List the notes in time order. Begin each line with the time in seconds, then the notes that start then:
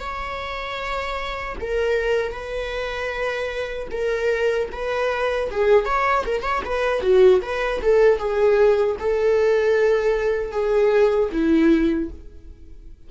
0.00 C#5
1.61 A#4
2.32 B4
3.91 A#4
4.72 B4
5.51 G#4
5.85 C#5
6.26 A#4
6.42 C#5
6.65 B4
7.02 F#4
7.42 B4
7.82 A4
8.19 G#4
8.99 A4
10.52 G#4
11.32 E4